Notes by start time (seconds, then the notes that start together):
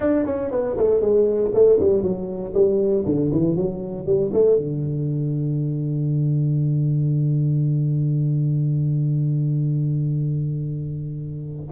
0.00 D4
0.25 C#4
0.51 B3
0.77 A3
1.01 G#3
1.53 A3
1.79 G3
2.02 F#3
2.54 G3
3.05 D3
3.31 E3
3.55 F#3
4.06 G3
4.33 A3
4.57 D3